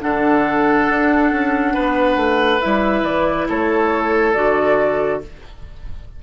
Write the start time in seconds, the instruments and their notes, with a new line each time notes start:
0.00 bassoon D3, clarinet D4, oboe A4, flute F#5
0.89 bassoon D4
1.32 bassoon C#4
1.74 bassoon B3, oboe B4
2.16 bassoon A3
2.61 bassoon G3, clarinet E4, flute E5
3.03 bassoon E3, flute D5
3.49 bassoon A3, oboe A4, flute C#5
4.34 bassoon D3, clarinet F#4, flute D5